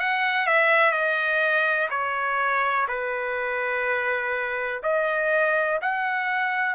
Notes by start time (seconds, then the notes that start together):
0.00 F#5
0.47 E5
0.92 D#5
1.90 C#5
2.89 B4
4.83 D#5
5.82 F#5